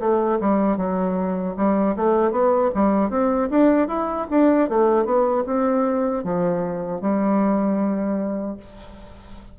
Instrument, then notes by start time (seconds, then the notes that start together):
bassoon
0.00 A3
0.40 G3
0.77 F#3
1.57 G3
1.97 A3
2.32 B3
2.75 G3
3.10 C4
3.50 D4
3.88 E4
4.31 D4
4.69 A3
5.05 B3
5.47 C4
6.24 F3
7.01 G3